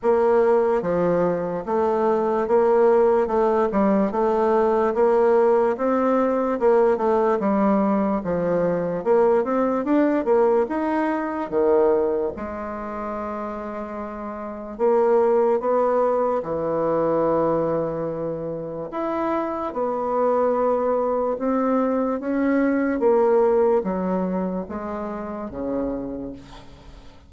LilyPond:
\new Staff \with { instrumentName = "bassoon" } { \time 4/4 \tempo 4 = 73 ais4 f4 a4 ais4 | a8 g8 a4 ais4 c'4 | ais8 a8 g4 f4 ais8 c'8 | d'8 ais8 dis'4 dis4 gis4~ |
gis2 ais4 b4 | e2. e'4 | b2 c'4 cis'4 | ais4 fis4 gis4 cis4 | }